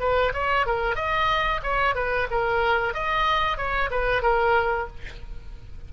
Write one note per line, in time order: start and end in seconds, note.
0.00 0.33 B4
0.34 0.66 C#5
0.66 0.95 A#4
0.95 1.61 D#5
1.63 1.95 C#5
1.95 2.28 B4
2.31 2.94 A#4
2.94 3.58 D#5
3.58 3.90 C#5
3.91 4.22 B4
4.22 4.88 A#4